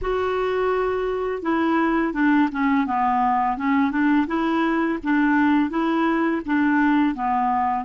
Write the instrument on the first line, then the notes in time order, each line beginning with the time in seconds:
clarinet
0.01 F#4
1.42 E4
2.13 D4
2.51 C#4
2.86 B3
3.57 C#4
3.91 D4
4.27 E4
5.03 D4
5.70 E4
6.45 D4
7.14 B3